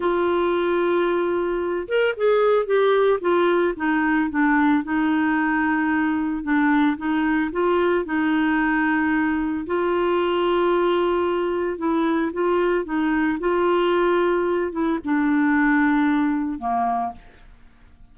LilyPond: \new Staff \with { instrumentName = "clarinet" } { \time 4/4 \tempo 4 = 112 f'2.~ f'8 ais'8 | gis'4 g'4 f'4 dis'4 | d'4 dis'2. | d'4 dis'4 f'4 dis'4~ |
dis'2 f'2~ | f'2 e'4 f'4 | dis'4 f'2~ f'8 e'8 | d'2. ais4 | }